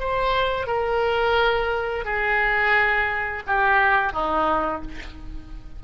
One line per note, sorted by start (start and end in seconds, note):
0.00 0.67 C5
0.67 2.05 A#4
2.05 3.43 G#4
3.47 4.13 G4
4.13 4.82 D#4